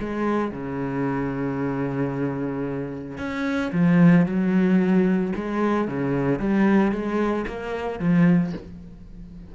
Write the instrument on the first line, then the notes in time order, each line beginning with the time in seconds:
cello
0.00 G#3
0.52 C#3
3.18 C#4
3.72 F3
4.26 F#3
5.35 G#3
5.88 C#3
6.39 G3
6.92 G#3
7.47 A#3
7.99 F3